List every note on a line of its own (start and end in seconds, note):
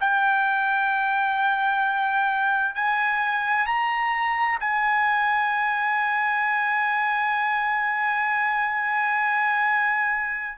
0.00 2.74 G5
2.74 3.66 G#5
3.66 4.58 A#5
4.60 10.57 G#5